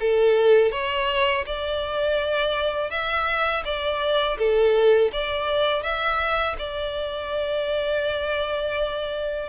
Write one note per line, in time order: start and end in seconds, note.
0.00 0.72 A4
0.72 1.45 C#5
1.46 2.90 D5
2.90 3.64 E5
3.65 4.38 D5
4.38 5.11 A4
5.13 5.83 D5
5.83 6.56 E5
6.59 9.49 D5